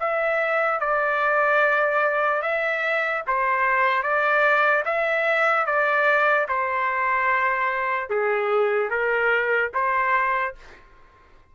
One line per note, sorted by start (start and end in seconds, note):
0.00 0.80 E5
0.80 2.42 D5
2.42 3.23 E5
3.27 4.02 C5
4.02 4.84 D5
4.85 5.66 E5
5.66 6.47 D5
6.48 8.10 C5
8.10 8.90 G#4
8.90 9.71 A#4
9.74 10.55 C5